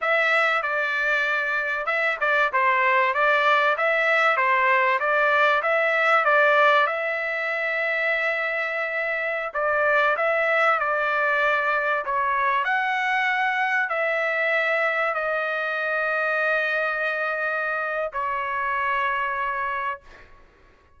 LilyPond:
\new Staff \with { instrumentName = "trumpet" } { \time 4/4 \tempo 4 = 96 e''4 d''2 e''8 d''8 | c''4 d''4 e''4 c''4 | d''4 e''4 d''4 e''4~ | e''2.~ e''16 d''8.~ |
d''16 e''4 d''2 cis''8.~ | cis''16 fis''2 e''4.~ e''16~ | e''16 dis''2.~ dis''8.~ | dis''4 cis''2. | }